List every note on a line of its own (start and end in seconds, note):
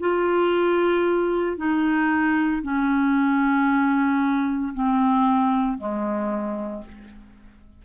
0.00 1.57 F4
1.57 2.63 D#4
2.63 4.74 C#4
4.74 5.78 C4
5.78 6.83 G#3